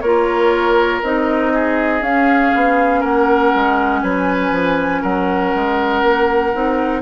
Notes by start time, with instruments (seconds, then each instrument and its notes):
0.00 bassoon A#3, clarinet F4, oboe A#4, flute C#5
1.02 bassoon C4, clarinet D#4, flute D#5
1.53 oboe G#4
2.01 bassoon C#4, clarinet C#4, flute F5
2.55 bassoon B3
3.00 bassoon A#3, oboe A#4, flute F#5
3.54 bassoon G#3
4.02 bassoon F#3, oboe B4, flute G#5
4.51 bassoon F3
5.01 bassoon F#3, oboe A#4, flute F#5
5.55 bassoon G#3
6.02 bassoon A#3
6.52 bassoon C4, clarinet D#4